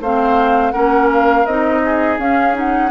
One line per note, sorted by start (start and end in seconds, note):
0.00 0.72 A3
0.00 0.73 C4
0.00 0.72 C5
0.00 0.71 F5
0.71 1.45 A#3
0.71 1.45 C#4
0.71 1.81 A#4
0.71 1.07 F#5
1.13 1.46 F5
1.46 2.18 C4
1.46 2.19 D#4
1.46 2.18 D#5
1.85 2.91 G#4
2.18 2.90 C#4
2.18 2.53 C#4
2.18 2.55 F5
2.53 2.89 D#4
2.53 2.91 F#5